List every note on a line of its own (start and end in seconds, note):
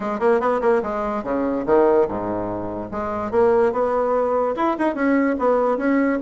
0.00 0.19 G#3
0.19 0.40 A#3
0.40 0.61 B3
0.61 0.82 A#3
0.82 1.23 G#3
1.23 1.65 C#3
1.66 2.07 D#3
2.07 2.90 G#2
2.91 3.31 G#3
3.31 3.72 A#3
3.72 4.55 B3
4.56 4.76 E4
4.78 4.94 D#4
4.94 5.36 C#4
5.38 5.77 B3
5.77 6.19 C#4